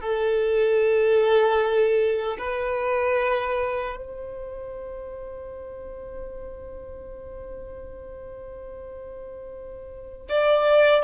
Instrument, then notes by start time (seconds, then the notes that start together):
violin
0.00 A4
2.38 B4
3.96 C5
10.29 D5